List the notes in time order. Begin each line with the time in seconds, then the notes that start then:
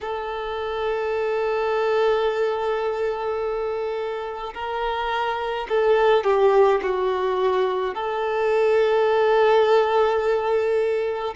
0.00 A4
4.54 A#4
5.69 A4
6.24 G4
6.82 F#4
7.95 A4